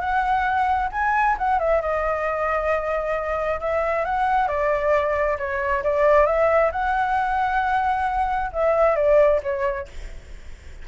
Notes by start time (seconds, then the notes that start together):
0.00 F#5
0.92 G#5
1.38 F#5
1.59 E5
1.82 D#5
3.60 E5
4.05 F#5
4.48 D5
5.38 C#5
5.84 D5
6.26 E5
6.72 F#5
8.53 E5
8.96 D5
9.43 C#5